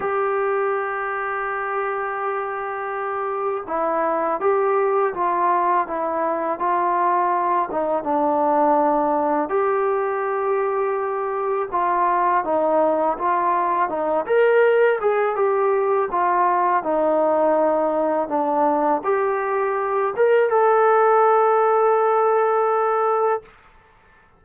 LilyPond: \new Staff \with { instrumentName = "trombone" } { \time 4/4 \tempo 4 = 82 g'1~ | g'4 e'4 g'4 f'4 | e'4 f'4. dis'8 d'4~ | d'4 g'2. |
f'4 dis'4 f'4 dis'8 ais'8~ | ais'8 gis'8 g'4 f'4 dis'4~ | dis'4 d'4 g'4. ais'8 | a'1 | }